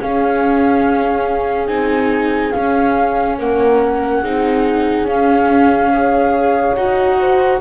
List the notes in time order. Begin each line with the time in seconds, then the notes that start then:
0.00 C#4 G#4 F5
1.68 C4 D#4 G#5
2.52 C#4 F5
3.39 A#3 A#4 F#5
4.22 C4 D#4 G#4
5.03 C#4 F5
5.92 G#4 C#5
6.75 D#4 F#4 F#5
7.20 C5